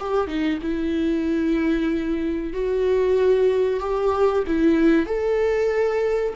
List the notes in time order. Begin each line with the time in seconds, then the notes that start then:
0.00 G4
0.28 D#4
0.62 E4
2.54 F#4
3.80 G4
4.47 E4
5.07 A4